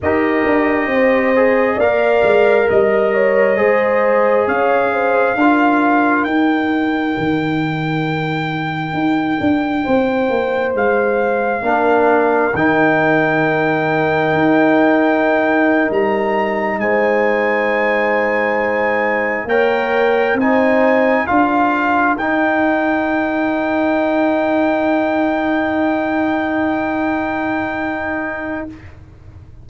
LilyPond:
<<
  \new Staff \with { instrumentName = "trumpet" } { \time 4/4 \tempo 4 = 67 dis''2 f''4 dis''4~ | dis''4 f''2 g''4~ | g''1 | f''2 g''2~ |
g''4.~ g''16 ais''4 gis''4~ gis''16~ | gis''4.~ gis''16 g''4 gis''4 f''16~ | f''8. g''2.~ g''16~ | g''1 | }
  \new Staff \with { instrumentName = "horn" } { \time 4/4 ais'4 c''4 d''4 dis''8 cis''8 | c''4 cis''8 c''8 ais'2~ | ais'2. c''4~ | c''4 ais'2.~ |
ais'2~ ais'8. c''4~ c''16~ | c''4.~ c''16 cis''4 c''4 ais'16~ | ais'1~ | ais'1 | }
  \new Staff \with { instrumentName = "trombone" } { \time 4/4 g'4. gis'8 ais'2 | gis'2 f'4 dis'4~ | dis'1~ | dis'4 d'4 dis'2~ |
dis'1~ | dis'4.~ dis'16 ais'4 dis'4 f'16~ | f'8. dis'2.~ dis'16~ | dis'1 | }
  \new Staff \with { instrumentName = "tuba" } { \time 4/4 dis'8 d'8 c'4 ais8 gis8 g4 | gis4 cis'4 d'4 dis'4 | dis2 dis'8 d'8 c'8 ais8 | gis4 ais4 dis2 |
dis'4.~ dis'16 g4 gis4~ gis16~ | gis4.~ gis16 ais4 c'4 d'16~ | d'8. dis'2.~ dis'16~ | dis'1 | }
>>